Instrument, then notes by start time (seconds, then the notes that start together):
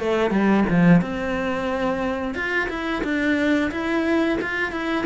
cello
0.00 A3
0.31 G3
0.70 F3
1.02 C4
2.35 F4
2.70 E4
3.04 D4
3.71 E4
4.42 F4
4.72 E4